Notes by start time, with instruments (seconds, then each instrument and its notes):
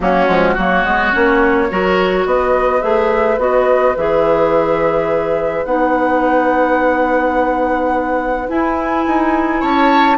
0.00 bassoon F#3, clarinet A#3, oboe C#4, flute F#4
0.26 bassoon F3, clarinet G#3
0.54 bassoon F#3, clarinet A#3, oboe F#4, flute C#5
0.84 bassoon G#3, clarinet B3
1.12 bassoon A#3, clarinet C#4
1.70 bassoon F#3, clarinet F#4, oboe A#4
2.25 bassoon B3, oboe B4, flute D#5
2.80 bassoon A3, clarinet G#4, flute E5
3.38 bassoon B3, clarinet F#4, flute D#5
3.96 bassoon E3, clarinet G#4, flute E5
5.65 bassoon B3, clarinet D#4, flute F#5
8.48 clarinet E4, bassoon E4, flute G#5
9.06 bassoon D#4
9.60 bassoon C#4, oboe C#5, flute A5